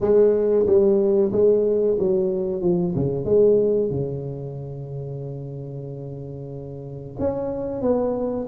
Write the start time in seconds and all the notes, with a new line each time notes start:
0.00 G#3
0.66 G3
1.32 G#3
1.99 F#3
2.61 F3
2.95 C#3
3.25 G#3
3.90 C#3
7.19 C#4
7.81 B3